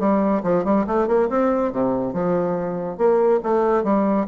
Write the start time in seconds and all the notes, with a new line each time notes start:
0.00 G3
0.44 F3
0.65 G3
0.87 A3
1.08 A#3
1.30 C4
1.72 C3
2.14 F3
2.98 A#3
3.44 A3
3.84 G3